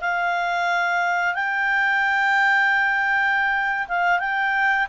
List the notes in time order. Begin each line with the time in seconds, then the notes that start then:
0.00 F5
1.34 G5
3.88 F5
4.19 G5